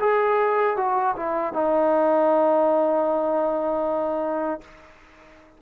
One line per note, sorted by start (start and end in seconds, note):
0.00 0.77 G#4
0.77 1.15 F#4
1.16 1.53 E4
1.53 4.61 D#4